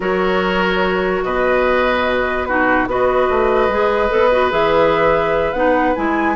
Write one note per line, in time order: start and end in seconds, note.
0.00 1.21 F#3
0.00 2.46 F#4
0.00 1.24 A#4
0.00 1.24 C#5
1.24 2.86 B2
1.24 2.47 B4
1.24 2.45 D#5
2.45 2.88 D#4
2.45 2.89 F#4
2.45 2.86 B4
2.86 3.27 B3
2.86 3.70 F#4
2.86 6.36 B4
2.86 4.51 D#5
3.29 3.68 A3
3.68 4.09 G#3
3.68 4.09 G#4
4.09 4.51 B3
4.09 4.29 A4
4.31 4.50 F#4
4.50 5.53 E3
4.50 5.53 G#4
4.50 5.52 E5
5.52 5.94 B3
5.52 5.95 D#4
5.52 5.93 F#5
5.95 6.36 G#3
5.95 6.36 E4
5.95 6.36 G#5